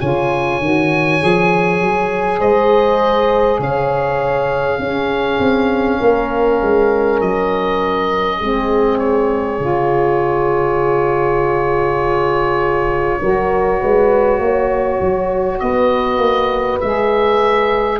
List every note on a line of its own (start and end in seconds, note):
0.00 0.60 C#3
0.00 0.61 F4
0.00 2.39 C#5
0.00 2.40 G#5
0.60 1.20 D#3
0.60 1.20 F#4
1.20 1.81 F3
1.20 4.80 G#4
1.81 2.40 F#3
2.39 3.59 G#3
2.39 3.59 C5
2.39 3.60 D#5
3.59 4.79 C#3
3.59 4.79 C#5
3.59 7.21 F5
4.79 5.39 C#4
4.79 8.40 C#4
4.79 6.00 G#4
5.39 5.99 C4
6.00 6.62 A#3
6.00 8.38 A#4
6.62 7.21 G#3
7.21 8.41 F#3
7.21 8.98 D#5
8.38 9.59 G#3
8.38 9.60 C4
8.38 13.18 G#4
8.98 15.59 C#5
9.59 13.19 C#3
9.59 13.20 F4
13.21 13.81 F#3
13.21 16.80 F#4
13.21 13.80 A#4
13.80 14.39 G#3
13.80 14.40 B4
14.39 14.99 A#3
14.39 15.61 C#5
15.01 15.61 F#3
15.59 16.18 B3
15.59 18.00 B4
15.59 16.79 D#5
16.18 16.78 A#3
16.80 18.00 G#3
16.80 18.00 G#4
16.80 18.00 E5